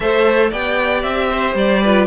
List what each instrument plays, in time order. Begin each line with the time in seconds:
0.00 cello A3, viola A4, violin C5 E5
0.49 cello B3, viola G4, violin D5 G5
1.02 cello C4, violin E5
1.30 violin C5
1.54 cello G3, violin D5
1.82 viola F4, violin B4